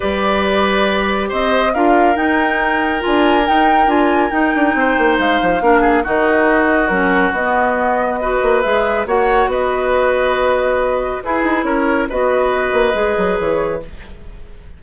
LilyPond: <<
  \new Staff \with { instrumentName = "flute" } { \time 4/4 \tempo 4 = 139 d''2. dis''4 | f''4 g''2 gis''4 | g''4 gis''4 g''2 | f''2 dis''2 |
ais'4 dis''2. | e''4 fis''4 dis''2~ | dis''2 b'4 cis''4 | dis''2. cis''4 | }
  \new Staff \with { instrumentName = "oboe" } { \time 4/4 b'2. c''4 | ais'1~ | ais'2. c''4~ | c''4 ais'8 gis'8 fis'2~ |
fis'2. b'4~ | b'4 cis''4 b'2~ | b'2 gis'4 ais'4 | b'1 | }
  \new Staff \with { instrumentName = "clarinet" } { \time 4/4 g'1 | f'4 dis'2 f'4 | dis'4 f'4 dis'2~ | dis'4 d'4 dis'2 |
cis'4 b2 fis'4 | gis'4 fis'2.~ | fis'2 e'2 | fis'2 gis'2 | }
  \new Staff \with { instrumentName = "bassoon" } { \time 4/4 g2. c'4 | d'4 dis'2 d'4 | dis'4 d'4 dis'8 d'8 c'8 ais8 | gis8 f8 ais4 dis2 |
fis4 b2~ b8 ais8 | gis4 ais4 b2~ | b2 e'8 dis'8 cis'4 | b4. ais8 gis8 fis8 e4 | }
>>